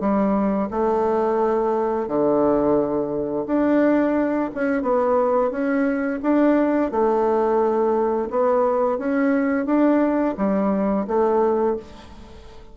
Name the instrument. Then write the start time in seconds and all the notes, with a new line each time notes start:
bassoon
0.00 G3
0.71 A3
2.08 D3
3.47 D4
4.55 C#4
4.82 B3
5.51 C#4
6.23 D4
6.91 A3
8.30 B3
8.98 C#4
9.66 D4
10.38 G3
11.08 A3